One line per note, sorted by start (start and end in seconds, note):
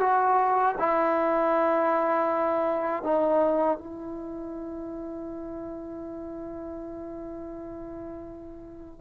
0.00 0.75 F#4
0.78 3.03 E4
3.03 3.78 D#4
3.78 9.00 E4